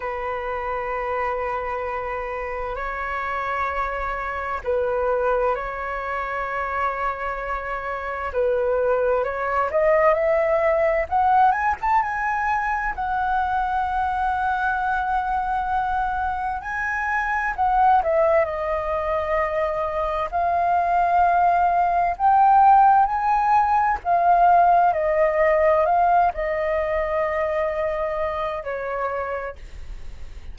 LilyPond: \new Staff \with { instrumentName = "flute" } { \time 4/4 \tempo 4 = 65 b'2. cis''4~ | cis''4 b'4 cis''2~ | cis''4 b'4 cis''8 dis''8 e''4 | fis''8 gis''16 a''16 gis''4 fis''2~ |
fis''2 gis''4 fis''8 e''8 | dis''2 f''2 | g''4 gis''4 f''4 dis''4 | f''8 dis''2~ dis''8 cis''4 | }